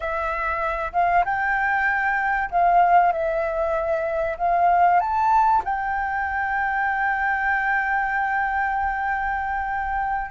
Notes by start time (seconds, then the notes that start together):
0.00 E5
0.93 F5
1.24 G5
2.50 F5
3.12 E5
4.37 F5
5.00 A5
5.64 G5